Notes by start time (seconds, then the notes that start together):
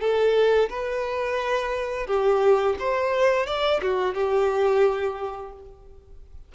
0.00 A4
0.69 B4
2.06 G4
2.79 C5
3.46 D5
3.82 F#4
4.14 G4